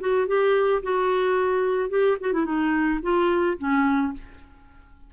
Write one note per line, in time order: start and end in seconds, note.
0.00 0.27 F#4
0.27 0.82 G4
0.83 1.90 F#4
1.90 2.17 G4
2.20 2.33 F#4
2.33 2.45 E4
2.45 3.00 D#4
3.03 3.58 F4
3.58 4.13 C#4